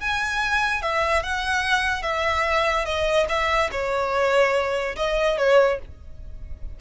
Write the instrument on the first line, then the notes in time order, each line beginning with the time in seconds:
violin
0.00 G#5
0.82 E5
1.23 F#5
2.02 E5
2.85 D#5
3.29 E5
3.71 C#5
4.96 D#5
5.37 C#5